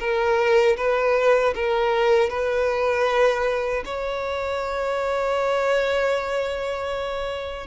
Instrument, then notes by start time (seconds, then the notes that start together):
violin
0.00 A#4
0.77 B4
1.55 A#4
2.30 B4
3.86 C#5